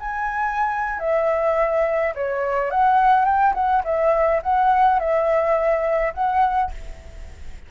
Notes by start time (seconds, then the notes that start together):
0.00 G#5
1.00 E5
2.15 C#5
2.71 F#5
3.25 G5
3.55 F#5
3.85 E5
4.43 F#5
5.00 E5
6.14 F#5